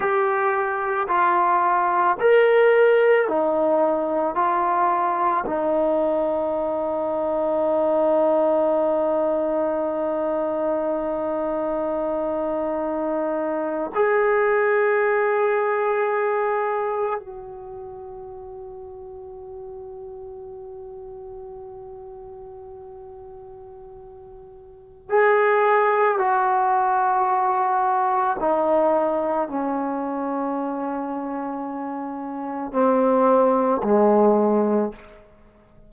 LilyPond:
\new Staff \with { instrumentName = "trombone" } { \time 4/4 \tempo 4 = 55 g'4 f'4 ais'4 dis'4 | f'4 dis'2.~ | dis'1~ | dis'8. gis'2. fis'16~ |
fis'1~ | fis'2. gis'4 | fis'2 dis'4 cis'4~ | cis'2 c'4 gis4 | }